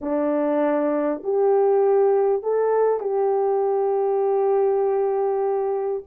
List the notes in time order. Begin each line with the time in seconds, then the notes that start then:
0.01 D4
1.23 G4
2.42 A4
3.00 G4